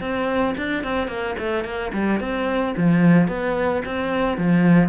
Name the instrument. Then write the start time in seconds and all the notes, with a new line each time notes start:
cello
0.00 C4
0.57 D4
0.84 C4
1.08 A#3
1.39 A3
1.64 A#3
1.93 G3
2.20 C4
2.77 F3
3.28 B3
3.85 C4
4.38 F3